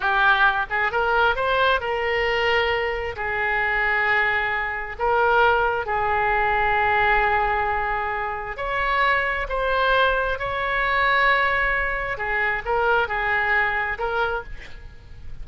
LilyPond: \new Staff \with { instrumentName = "oboe" } { \time 4/4 \tempo 4 = 133 g'4. gis'8 ais'4 c''4 | ais'2. gis'4~ | gis'2. ais'4~ | ais'4 gis'2.~ |
gis'2. cis''4~ | cis''4 c''2 cis''4~ | cis''2. gis'4 | ais'4 gis'2 ais'4 | }